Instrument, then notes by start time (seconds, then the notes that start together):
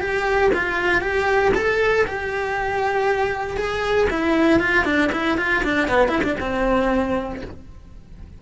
cello
0.00 G4
0.54 F4
1.01 G4
1.55 A4
2.07 G4
3.57 G#4
4.10 E4
4.60 F4
4.85 D4
5.12 E4
5.38 F4
5.64 D4
5.88 B3
6.09 E4
6.24 D4
6.40 C4